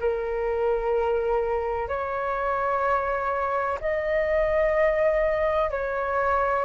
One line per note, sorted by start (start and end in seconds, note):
0.00 1.89 A#4
1.89 3.79 C#5
3.81 5.71 D#5
5.71 6.65 C#5